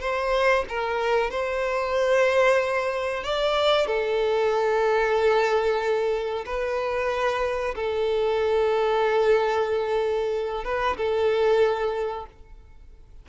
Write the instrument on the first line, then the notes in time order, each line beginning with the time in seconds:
violin
0.00 C5
0.69 A#4
1.30 C5
3.23 D5
3.87 A4
6.45 B4
7.75 A4
10.64 B4
10.97 A4